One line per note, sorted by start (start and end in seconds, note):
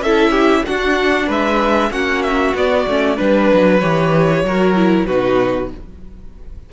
0.00 0.63 C#4
0.00 0.31 A4
0.00 0.66 E5
0.06 0.66 E4
0.31 0.63 G4
0.66 1.91 D4
0.66 1.29 D4
0.66 1.27 F#4
0.66 1.29 F#5
1.27 1.91 G#3
1.27 1.90 B4
1.27 1.92 E5
1.91 2.54 A#3
1.91 2.54 C#4
1.91 3.17 F#4
1.91 2.23 F#5
2.23 2.54 E5
2.54 2.86 B3
2.54 2.89 B3
2.54 3.19 D5
2.87 3.19 A3
2.87 3.17 C#4
3.17 3.52 G3
3.17 3.80 D4
3.17 4.43 B4
3.17 3.80 B4
3.54 3.82 F#3
3.80 4.43 E3
3.80 4.46 G4
3.80 5.06 C#5
4.43 5.07 F#3
4.43 4.76 F#4
4.43 5.07 A#4
4.76 5.08 E4
5.07 5.72 B2
5.07 5.73 D#4
5.07 5.70 F#4
5.07 5.70 B4